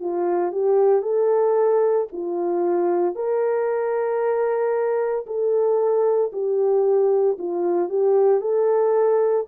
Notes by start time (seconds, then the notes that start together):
0.00 F4
0.52 G4
1.02 A4
2.12 F4
3.15 A#4
5.26 A4
6.32 G4
7.38 F4
7.89 G4
8.41 A4